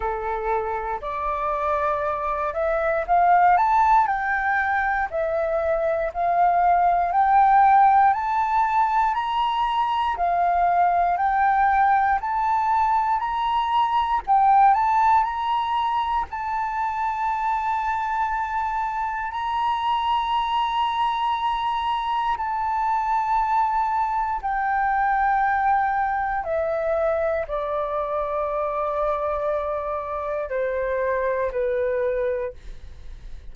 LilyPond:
\new Staff \with { instrumentName = "flute" } { \time 4/4 \tempo 4 = 59 a'4 d''4. e''8 f''8 a''8 | g''4 e''4 f''4 g''4 | a''4 ais''4 f''4 g''4 | a''4 ais''4 g''8 a''8 ais''4 |
a''2. ais''4~ | ais''2 a''2 | g''2 e''4 d''4~ | d''2 c''4 b'4 | }